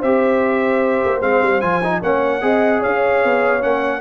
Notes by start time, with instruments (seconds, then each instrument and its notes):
0.00 tuba C4, trombone G4, horn C5, trumpet E5
1.05 tuba A#3
1.21 tuba G#3, trombone C4, trumpet F5
1.42 tuba G3
1.61 tuba F3, trombone F4, trumpet G#5
1.84 trombone D#4
2.02 tuba A#3, trombone C#4, horn C#5, trumpet F#5
2.42 tuba C4, trombone G#4, horn D#5
2.80 tuba C#4, horn C#5, trumpet F5
3.24 tuba B3
3.61 tuba A#3, trombone C#4, trumpet F#5